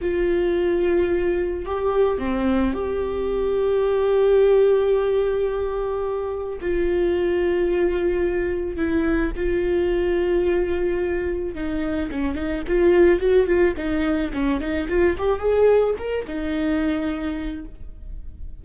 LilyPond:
\new Staff \with { instrumentName = "viola" } { \time 4/4 \tempo 4 = 109 f'2. g'4 | c'4 g'2.~ | g'1 | f'1 |
e'4 f'2.~ | f'4 dis'4 cis'8 dis'8 f'4 | fis'8 f'8 dis'4 cis'8 dis'8 f'8 g'8 | gis'4 ais'8 dis'2~ dis'8 | }